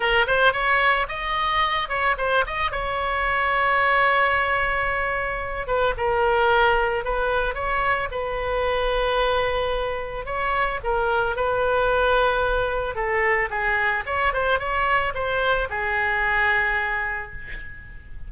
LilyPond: \new Staff \with { instrumentName = "oboe" } { \time 4/4 \tempo 4 = 111 ais'8 c''8 cis''4 dis''4. cis''8 | c''8 dis''8 cis''2.~ | cis''2~ cis''8 b'8 ais'4~ | ais'4 b'4 cis''4 b'4~ |
b'2. cis''4 | ais'4 b'2. | a'4 gis'4 cis''8 c''8 cis''4 | c''4 gis'2. | }